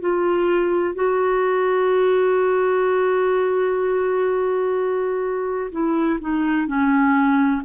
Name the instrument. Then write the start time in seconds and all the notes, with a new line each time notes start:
clarinet
0.00 F4
0.94 F#4
5.71 E4
6.20 D#4
6.67 C#4